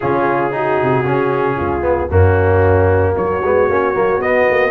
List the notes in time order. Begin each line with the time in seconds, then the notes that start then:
0.00 C#3 C#4 F4 G#4
0.51 D#4 F#4
0.82 C3
1.04 C#3 C#4
1.56 C#2 F4
1.81 B3
2.10 F#2 A#3 C#4 F#4
3.15 F#3 F#4 C#5
3.42 G#3 B3
3.68 A#3 C#4
3.94 F#3 A#3
4.18 B3 D#5
4.50 A#3